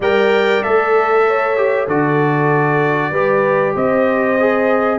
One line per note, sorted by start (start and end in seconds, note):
0.00 0.62 G3
0.00 0.62 A#4
0.00 1.25 D5
0.00 0.62 G5
0.62 1.87 A3
0.62 1.56 A4
0.62 1.87 E5
1.27 1.87 C#5
1.56 1.88 G4
1.87 3.11 D3
1.87 3.13 F#4
1.87 3.11 A4
1.87 3.75 D5
3.11 3.73 G3
3.11 4.38 G4
3.11 3.73 B4
3.74 4.99 C4
3.74 4.99 C5
3.74 4.99 D#5
4.39 4.99 G#4